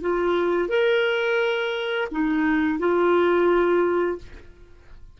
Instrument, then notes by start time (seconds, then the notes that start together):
clarinet
0.00 F4
0.68 A#4
2.11 D#4
2.78 F4